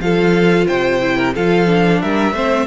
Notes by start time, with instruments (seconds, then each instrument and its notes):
0.00 cello F3, viola F4, violin A4 F5
0.66 cello C3, violin C5 G5
1.01 viola E4
1.17 violin A#4
1.34 cello F3, viola F4, violin A4 F5
1.66 viola D4
2.01 cello G3, violin A#4 E5
2.32 cello A3, viola C4, violin C5